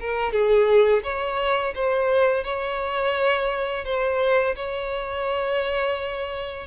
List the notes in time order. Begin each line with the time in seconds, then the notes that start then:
0.00 A#4
0.32 G#4
1.03 C#5
1.75 C5
2.44 C#5
3.84 C5
4.56 C#5